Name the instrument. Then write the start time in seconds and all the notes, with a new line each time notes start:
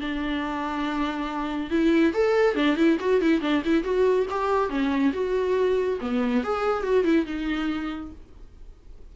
viola
0.00 D4
1.70 E4
2.14 A4
2.55 D4
2.76 E4
3.00 F#4
3.21 E4
3.41 D4
3.65 E4
3.83 F#4
4.30 G4
4.69 C#4
5.13 F#4
6.01 B3
6.43 G#4
6.83 F#4
7.04 E4
7.26 D#4